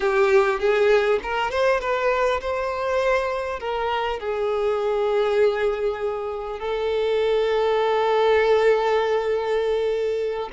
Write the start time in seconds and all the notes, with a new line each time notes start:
0.00 G4
0.59 G#4
1.22 A#4
1.50 C5
1.80 B4
2.40 C5
3.59 A#4
4.19 G#4
6.59 A4